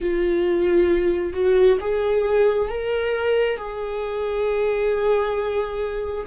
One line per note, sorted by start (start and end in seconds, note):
0.00 1.33 F4
1.33 1.77 F#4
1.80 2.68 G#4
2.68 3.57 A#4
3.57 6.26 G#4